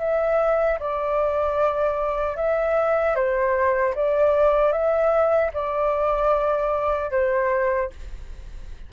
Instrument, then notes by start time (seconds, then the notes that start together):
flute
0.00 E5
0.80 D5
2.37 E5
3.16 C5
3.95 D5
4.73 E5
5.54 D5
7.12 C5